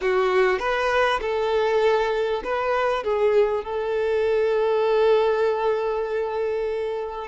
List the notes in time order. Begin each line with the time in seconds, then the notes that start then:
0.01 F#4
0.59 B4
1.21 A4
2.44 B4
3.03 G#4
3.64 A4